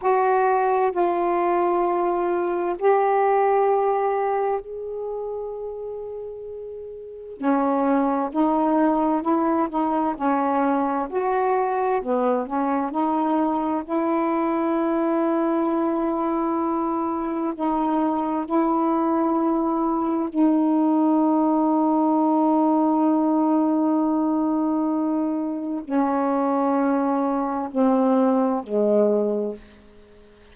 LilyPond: \new Staff \with { instrumentName = "saxophone" } { \time 4/4 \tempo 4 = 65 fis'4 f'2 g'4~ | g'4 gis'2. | cis'4 dis'4 e'8 dis'8 cis'4 | fis'4 b8 cis'8 dis'4 e'4~ |
e'2. dis'4 | e'2 dis'2~ | dis'1 | cis'2 c'4 gis4 | }